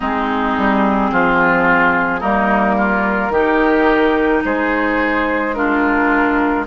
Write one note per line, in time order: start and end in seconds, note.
0.00 0.56 G#3
0.00 2.20 C4
0.00 1.10 D#4
0.00 2.20 G#4
0.57 1.11 G3
1.11 2.22 F3
1.11 2.19 F4
2.19 3.29 G3
2.19 3.31 A#3
2.19 2.75 D#4
2.19 4.43 A#4
2.78 3.32 F4
3.29 4.41 D#3
3.29 5.55 D#4
3.29 4.43 G4
4.44 6.66 G#3
4.44 5.55 G#4
4.44 5.53 C5
5.53 6.66 D4
5.53 6.66 F4
5.53 6.65 A#4